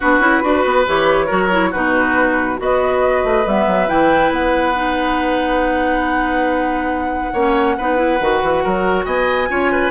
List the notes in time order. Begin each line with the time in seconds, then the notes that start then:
0.00 B3 D4 F#4 B4
0.19 C#4 E4
0.42 D4 F#4 B4
0.64 B3
0.86 E3 G4 C#5
1.26 F#3 F#4 A#4
1.51 E4
1.71 B2 D#4 F#4 B4
2.57 B3 F#4 B4 D#5
3.23 A3
3.46 G3 B3 E5
3.67 F#3
3.87 E3 E4 G5
4.30 B3 F#5
4.75 D#4
7.33 A#3 C#4 C#5
7.77 B3 D#4 B4
7.96 E4
8.20 D#3 F#4
8.43 E3
8.63 F#3 A#4
9.05 B3 D#5 G#5
9.48 C#4 F4 C#5
9.71 B4